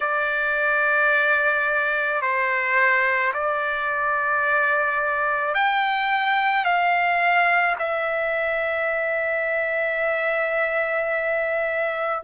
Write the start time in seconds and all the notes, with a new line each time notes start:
0.00 D5
2.21 C5
3.33 D5
5.54 G5
6.65 F5
7.78 E5